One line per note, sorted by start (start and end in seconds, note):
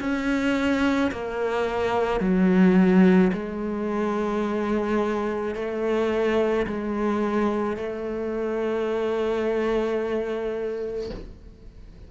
0.00 1.11 C#4
1.12 2.20 A#3
2.20 3.31 F#3
3.33 5.56 G#3
5.56 6.67 A3
6.67 7.77 G#3
7.77 11.10 A3